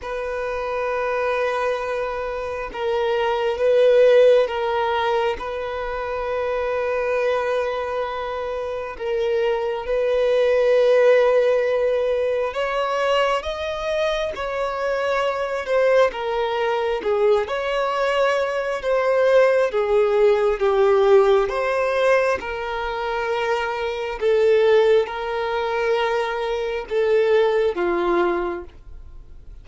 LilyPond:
\new Staff \with { instrumentName = "violin" } { \time 4/4 \tempo 4 = 67 b'2. ais'4 | b'4 ais'4 b'2~ | b'2 ais'4 b'4~ | b'2 cis''4 dis''4 |
cis''4. c''8 ais'4 gis'8 cis''8~ | cis''4 c''4 gis'4 g'4 | c''4 ais'2 a'4 | ais'2 a'4 f'4 | }